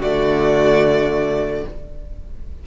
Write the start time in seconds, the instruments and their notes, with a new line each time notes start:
0.00 cello D3, viola A3, violin F#4 D5